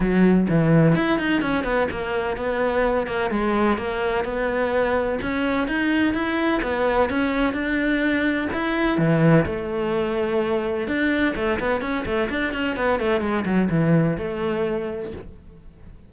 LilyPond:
\new Staff \with { instrumentName = "cello" } { \time 4/4 \tempo 4 = 127 fis4 e4 e'8 dis'8 cis'8 b8 | ais4 b4. ais8 gis4 | ais4 b2 cis'4 | dis'4 e'4 b4 cis'4 |
d'2 e'4 e4 | a2. d'4 | a8 b8 cis'8 a8 d'8 cis'8 b8 a8 | gis8 fis8 e4 a2 | }